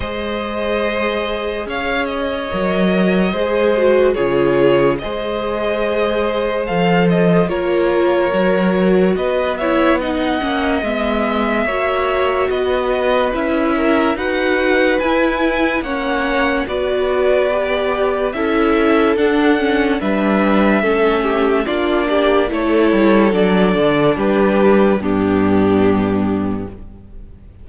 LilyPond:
<<
  \new Staff \with { instrumentName = "violin" } { \time 4/4 \tempo 4 = 72 dis''2 f''8 dis''4.~ | dis''4 cis''4 dis''2 | f''8 dis''8 cis''2 dis''8 e''8 | fis''4 e''2 dis''4 |
e''4 fis''4 gis''4 fis''4 | d''2 e''4 fis''4 | e''2 d''4 cis''4 | d''4 b'4 g'2 | }
  \new Staff \with { instrumentName = "violin" } { \time 4/4 c''2 cis''2 | c''4 gis'4 c''2~ | c''4 ais'2 b'8 cis''8 | dis''2 cis''4 b'4~ |
b'8 ais'8 b'2 cis''4 | b'2 a'2 | b'4 a'8 g'8 f'8 g'8 a'4~ | a'4 g'4 d'2 | }
  \new Staff \with { instrumentName = "viola" } { \time 4/4 gis'2. ais'4 | gis'8 fis'8 f'4 gis'2 | a'4 f'4 fis'4. e'8 | dis'8 cis'8 b4 fis'2 |
e'4 fis'4 e'4 cis'4 | fis'4 g'4 e'4 d'8 cis'8 | d'4 cis'4 d'4 e'4 | d'2 b2 | }
  \new Staff \with { instrumentName = "cello" } { \time 4/4 gis2 cis'4 fis4 | gis4 cis4 gis2 | f4 ais4 fis4 b4~ | b8 ais8 gis4 ais4 b4 |
cis'4 dis'4 e'4 ais4 | b2 cis'4 d'4 | g4 a4 ais4 a8 g8 | fis8 d8 g4 g,2 | }
>>